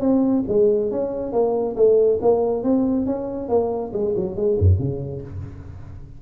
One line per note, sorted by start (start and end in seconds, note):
0.00 0.43 C4
0.48 0.91 G#3
0.91 1.32 C#4
1.32 1.75 A#3
1.76 2.19 A3
2.21 2.63 A#3
2.63 3.06 C4
3.06 3.49 C#4
3.49 3.92 A#3
3.93 4.14 G#3
4.16 4.36 F#3
4.36 4.57 G#3
4.59 4.78 F#2
4.78 5.21 C#3